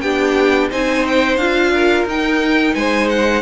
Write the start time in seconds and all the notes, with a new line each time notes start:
0.00 B3 D4 G4 G5
0.69 C4 D#4 C5 G#5
1.07 G5
1.36 D4 F4 F5
1.73 A#4
2.05 D#4 G5
2.74 G#3 C5 G#5
3.09 F#5